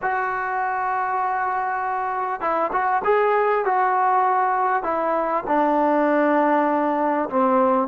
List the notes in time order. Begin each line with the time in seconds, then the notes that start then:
0.02 F#4
2.40 E4
2.72 F#4
3.04 G#4
3.65 F#4
4.83 E4
5.47 D4
7.29 C4